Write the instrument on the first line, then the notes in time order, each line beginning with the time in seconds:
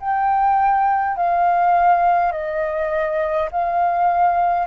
flute
0.00 G5
1.16 F5
2.32 D#5
3.51 F5